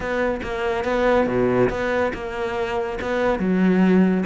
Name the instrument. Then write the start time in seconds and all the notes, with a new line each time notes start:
cello
0.00 B3
0.42 A#3
0.84 B3
1.26 B2
1.69 B3
2.13 A#3
3.01 B3
3.39 F#3